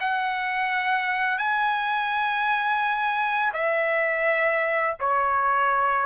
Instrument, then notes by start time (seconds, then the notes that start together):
trumpet
0.00 F#5
1.38 G#5
3.54 E5
5.00 C#5